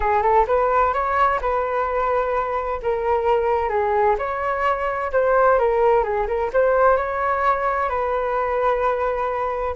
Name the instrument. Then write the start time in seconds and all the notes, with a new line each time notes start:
flute
0.00 G#4
0.22 A4
0.47 B4
0.93 C#5
1.41 B4
2.82 A#4
3.69 G#4
4.18 C#5
5.12 C5
5.58 A#4
6.03 G#4
6.27 A#4
6.53 C5
6.96 C#5
7.89 B4